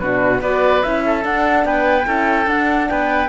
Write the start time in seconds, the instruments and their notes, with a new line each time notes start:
0.00 cello B2, horn D4, oboe F#4, flute B4
0.41 cello B3, horn F#4, oboe B4, flute D5
0.83 cello C#4, horn E4, flute E5
1.06 oboe A4
1.22 horn D4, cello D4, flute F#5
1.65 cello B3, oboe B4, flute G5
2.05 cello C#4, horn E4, oboe A4
2.47 cello D4, horn D4, flute F#5
2.89 cello B3, oboe B4, flute G5